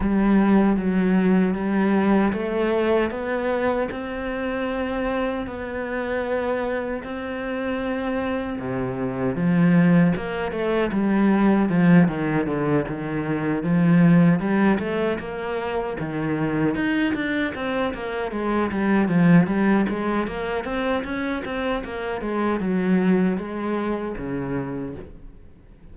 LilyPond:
\new Staff \with { instrumentName = "cello" } { \time 4/4 \tempo 4 = 77 g4 fis4 g4 a4 | b4 c'2 b4~ | b4 c'2 c4 | f4 ais8 a8 g4 f8 dis8 |
d8 dis4 f4 g8 a8 ais8~ | ais8 dis4 dis'8 d'8 c'8 ais8 gis8 | g8 f8 g8 gis8 ais8 c'8 cis'8 c'8 | ais8 gis8 fis4 gis4 cis4 | }